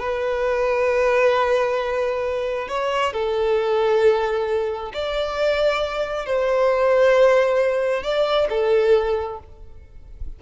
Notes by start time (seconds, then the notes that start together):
0.00 B4
2.68 C#5
3.13 A4
4.94 D5
6.26 C5
8.04 D5
8.50 A4